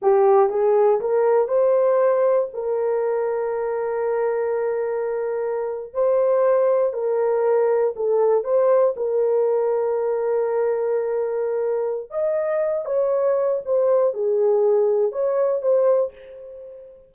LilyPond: \new Staff \with { instrumentName = "horn" } { \time 4/4 \tempo 4 = 119 g'4 gis'4 ais'4 c''4~ | c''4 ais'2.~ | ais'2.~ ais'8. c''16~ | c''4.~ c''16 ais'2 a'16~ |
a'8. c''4 ais'2~ ais'16~ | ais'1 | dis''4. cis''4. c''4 | gis'2 cis''4 c''4 | }